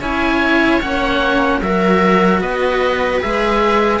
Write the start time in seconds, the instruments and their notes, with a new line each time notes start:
0.00 cello C#4 E4, viola C#5, oboe G#5
0.81 cello A#3 C#4, oboe F#5
1.61 cello F#3 F#4, viola A#4, oboe E5
2.40 cello B3, viola B4, oboe D#5
3.20 cello G#3 G#4, oboe E5